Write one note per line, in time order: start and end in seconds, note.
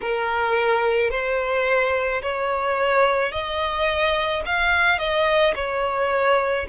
0.01 1.10 A#4
1.10 2.21 C5
2.22 3.31 C#5
3.31 4.42 D#5
4.45 4.98 F5
4.98 5.54 D#5
5.55 6.66 C#5